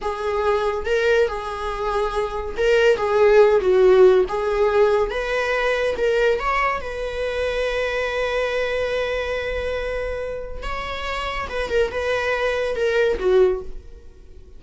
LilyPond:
\new Staff \with { instrumentName = "viola" } { \time 4/4 \tempo 4 = 141 gis'2 ais'4 gis'4~ | gis'2 ais'4 gis'4~ | gis'8 fis'4. gis'2 | b'2 ais'4 cis''4 |
b'1~ | b'1~ | b'4 cis''2 b'8 ais'8 | b'2 ais'4 fis'4 | }